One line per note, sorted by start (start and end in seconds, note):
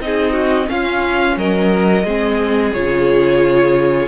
0.00 0.68 C4
0.00 0.65 D#4
0.00 0.32 G#4
0.00 0.69 D#5
0.32 0.66 F#4
0.65 2.01 C#4
0.65 1.36 C#4
0.65 1.38 F4
0.65 1.37 F5
1.36 2.04 F#3
1.36 2.05 A#4
1.36 2.73 D#5
2.04 2.72 G#3
2.04 2.75 C4
2.04 4.08 G#4
2.73 4.08 C#3
2.73 4.08 F4
2.73 4.08 C#5